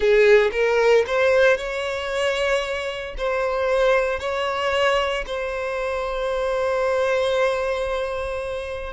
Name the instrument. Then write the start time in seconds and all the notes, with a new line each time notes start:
violin
0.00 G#4
0.52 A#4
1.06 C5
1.57 C#5
3.17 C5
4.19 C#5
5.26 C5